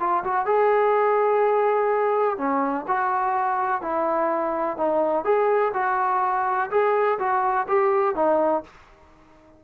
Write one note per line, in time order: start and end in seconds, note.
0.00 0.24 F4
0.24 0.46 F#4
0.46 2.38 G#4
2.38 2.86 C#4
2.88 3.82 F#4
3.82 4.78 E4
4.78 5.25 D#4
5.25 5.73 G#4
5.74 6.70 F#4
6.71 7.19 G#4
7.19 7.67 F#4
7.68 8.16 G4
8.16 8.64 D#4